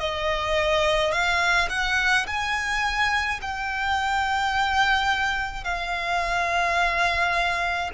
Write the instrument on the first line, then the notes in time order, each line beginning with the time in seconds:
violin
0.00 D#5
1.12 F5
1.70 F#5
2.27 G#5
3.42 G5
5.64 F5